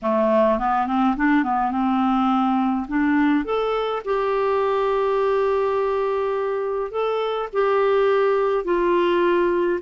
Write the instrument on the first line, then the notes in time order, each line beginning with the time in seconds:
clarinet
0.02 A3
0.58 B3
0.87 C4
1.16 D4
1.43 B3
1.71 C4
2.88 D4
3.44 A4
4.04 G4
6.91 A4
7.53 G4
8.64 F4